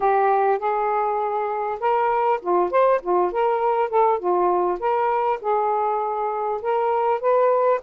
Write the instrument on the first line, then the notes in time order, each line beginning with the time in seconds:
saxophone
0.00 G4
0.58 G#4
1.80 A#4
2.41 F4
2.71 C5
3.02 F4
3.31 A#4
3.89 A4
4.19 F4
4.79 A#4
5.41 G#4
6.61 A#4
7.20 B4